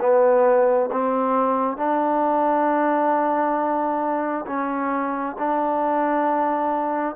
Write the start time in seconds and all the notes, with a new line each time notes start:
0.00 B3
0.92 C4
1.77 D4
4.47 C#4
5.38 D4